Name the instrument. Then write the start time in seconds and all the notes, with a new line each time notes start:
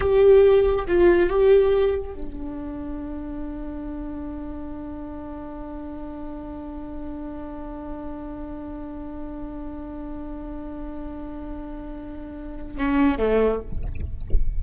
viola
0.00 G4
0.87 F4
1.29 G4
2.13 D4
12.77 C#4
13.18 A3